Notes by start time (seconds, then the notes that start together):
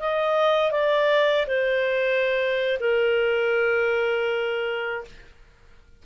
0.00 D#5
0.72 D5
1.47 C5
2.80 A#4